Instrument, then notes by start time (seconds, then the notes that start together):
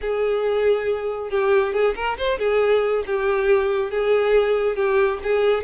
violin
0.01 G#4
1.30 G4
1.73 G#4
1.95 A#4
2.17 C5
2.39 G#4
3.06 G4
3.91 G#4
4.75 G4
5.23 G#4